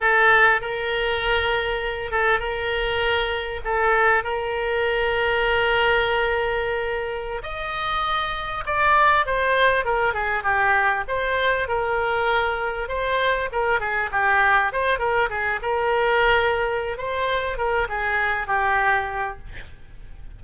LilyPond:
\new Staff \with { instrumentName = "oboe" } { \time 4/4 \tempo 4 = 99 a'4 ais'2~ ais'8 a'8 | ais'2 a'4 ais'4~ | ais'1~ | ais'16 dis''2 d''4 c''8.~ |
c''16 ais'8 gis'8 g'4 c''4 ais'8.~ | ais'4~ ais'16 c''4 ais'8 gis'8 g'8.~ | g'16 c''8 ais'8 gis'8 ais'2~ ais'16 | c''4 ais'8 gis'4 g'4. | }